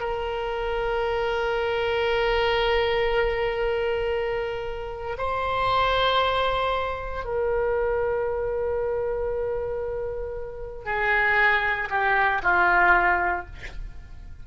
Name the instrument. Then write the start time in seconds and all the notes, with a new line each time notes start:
oboe
0.00 A#4
5.18 C5
7.25 A#4
10.85 G#4
11.90 G4
12.42 F4